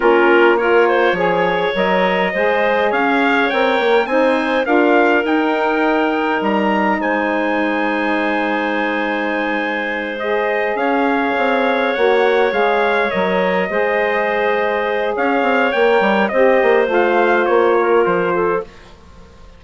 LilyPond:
<<
  \new Staff \with { instrumentName = "trumpet" } { \time 4/4 \tempo 4 = 103 ais'4 cis''2 dis''4~ | dis''4 f''4 g''4 gis''4 | f''4 g''2 ais''4 | gis''1~ |
gis''4. dis''4 f''4.~ | f''8 fis''4 f''4 dis''4.~ | dis''2 f''4 g''4 | dis''4 f''4 cis''4 c''4 | }
  \new Staff \with { instrumentName = "clarinet" } { \time 4/4 f'4 ais'8 c''8 cis''2 | c''4 cis''2 c''4 | ais'1 | c''1~ |
c''2~ c''8 cis''4.~ | cis''2.~ cis''8 c''8~ | c''2 cis''2 | c''2~ c''8 ais'4 a'8 | }
  \new Staff \with { instrumentName = "saxophone" } { \time 4/4 cis'4 f'4 gis'4 ais'4 | gis'2 ais'4 dis'4 | f'4 dis'2.~ | dis'1~ |
dis'4. gis'2~ gis'8~ | gis'8 fis'4 gis'4 ais'4 gis'8~ | gis'2. ais'4 | g'4 f'2. | }
  \new Staff \with { instrumentName = "bassoon" } { \time 4/4 ais2 f4 fis4 | gis4 cis'4 c'8 ais8 c'4 | d'4 dis'2 g4 | gis1~ |
gis2~ gis8 cis'4 c'8~ | c'8 ais4 gis4 fis4 gis8~ | gis2 cis'8 c'8 ais8 g8 | c'8 ais8 a4 ais4 f4 | }
>>